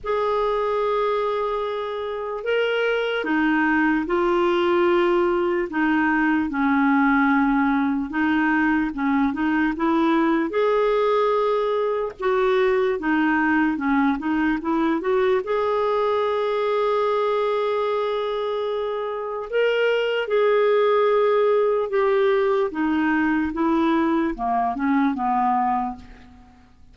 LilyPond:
\new Staff \with { instrumentName = "clarinet" } { \time 4/4 \tempo 4 = 74 gis'2. ais'4 | dis'4 f'2 dis'4 | cis'2 dis'4 cis'8 dis'8 | e'4 gis'2 fis'4 |
dis'4 cis'8 dis'8 e'8 fis'8 gis'4~ | gis'1 | ais'4 gis'2 g'4 | dis'4 e'4 ais8 cis'8 b4 | }